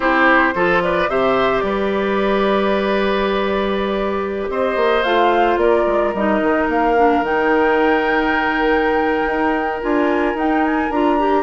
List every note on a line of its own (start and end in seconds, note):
0.00 0.53 C4
0.00 0.54 E4
0.00 0.54 G4
0.00 0.81 C5
0.54 1.08 F3
0.54 1.08 F4
0.54 0.82 A4
0.82 1.09 B4
0.82 1.09 D5
1.08 1.62 C3
1.08 5.04 G4
1.08 1.64 C5
1.08 1.59 E5
1.59 4.48 G3
1.59 4.50 B4
1.59 4.46 D5
4.49 4.76 C4
4.49 5.59 C5
4.49 5.03 D#5
4.76 5.03 A#3
5.03 5.56 A3
5.03 6.14 F4
5.03 5.57 F5
5.56 5.84 A#3
5.56 11.42 A#4
5.56 6.13 D5
5.86 6.13 G#3
6.13 6.41 G3
6.13 6.96 D#4
6.13 6.68 D#5
6.41 6.68 D#3
6.68 7.20 A#3
6.68 7.23 F5
6.96 7.23 D4
7.20 9.25 D#3
7.20 9.81 D#4
7.20 9.82 G5
9.26 9.81 D#4
9.81 10.34 D4
9.81 10.35 F4
9.81 10.37 G#5
10.34 10.89 D#4
10.34 10.91 D#4
10.34 10.64 G5
10.64 10.91 G#5
10.90 11.42 D4
10.90 11.18 F4
10.90 11.42 A#5
11.18 11.42 G4